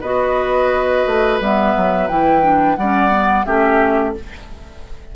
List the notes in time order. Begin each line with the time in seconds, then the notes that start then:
0.00 B3 F#4 B4 D#5
1.06 A3
1.40 G3 B3 E5
1.76 F#3
2.07 E3 E4 G5
2.42 D4
2.76 G3 D5 F#5
2.82 C#4
3.09 B3
3.45 A3 C#4 G4 E5